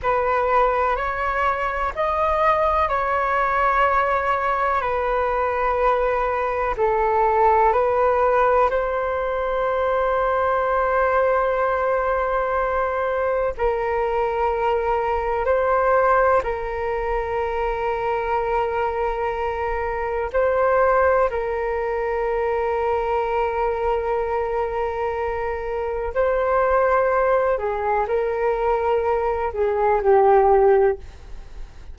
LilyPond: \new Staff \with { instrumentName = "flute" } { \time 4/4 \tempo 4 = 62 b'4 cis''4 dis''4 cis''4~ | cis''4 b'2 a'4 | b'4 c''2.~ | c''2 ais'2 |
c''4 ais'2.~ | ais'4 c''4 ais'2~ | ais'2. c''4~ | c''8 gis'8 ais'4. gis'8 g'4 | }